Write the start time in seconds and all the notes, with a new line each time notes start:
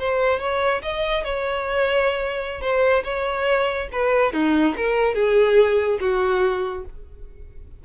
0.00 C5
0.40 C#5
0.83 D#5
1.25 C#5
2.62 C5
3.04 C#5
3.93 B4
4.33 D#4
4.77 A#4
5.15 G#4
6.01 F#4